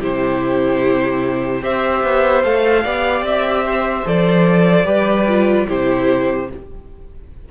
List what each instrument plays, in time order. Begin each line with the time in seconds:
0.00 cello C3, viola E4, violin G4 C5
1.62 cello C4, viola G4, violin C5 E5
2.03 cello B3
2.44 cello A3, viola A4, violin F5
2.83 cello B3, viola G4, violin D5
3.22 cello C4, violin E5
3.65 violin C5
4.05 cello F3, viola A4, violin D5
4.85 cello G3, viola G4, violin B4
5.28 viola F4
5.67 cello C3, viola E4, violin G4 C5